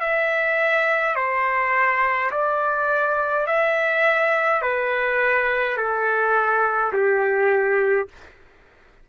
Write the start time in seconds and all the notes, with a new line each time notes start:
0.00 E5
1.15 C5
2.31 D5
3.47 E5
4.62 B4
5.77 A4
6.93 G4